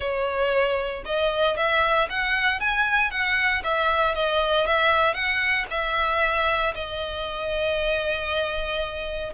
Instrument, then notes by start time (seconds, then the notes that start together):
violin
0.00 C#5
1.05 D#5
1.56 E5
2.09 F#5
2.60 G#5
3.10 F#5
3.63 E5
4.14 D#5
4.66 E5
5.13 F#5
5.70 E5
6.74 D#5